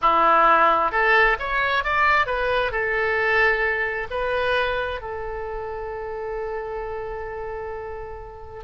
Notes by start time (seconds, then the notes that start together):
0.01 E4
0.91 A4
1.39 C#5
1.83 D5
2.26 B4
2.71 A4
4.10 B4
5.01 A4